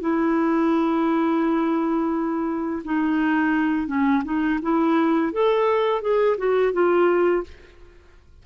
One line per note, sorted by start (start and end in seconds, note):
0.00 2.82 E4
2.84 3.87 D#4
3.87 4.22 C#4
4.24 4.59 D#4
4.61 5.32 E4
5.32 6.01 A4
6.01 6.36 G#4
6.37 6.72 F#4
6.73 7.43 F4